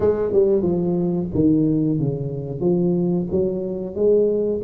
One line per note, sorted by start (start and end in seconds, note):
0.00 0.32 G#3
0.32 0.62 G3
0.62 1.28 F3
1.34 1.99 D#3
1.99 2.60 C#3
2.60 3.26 F3
3.31 3.95 F#3
3.95 4.61 G#3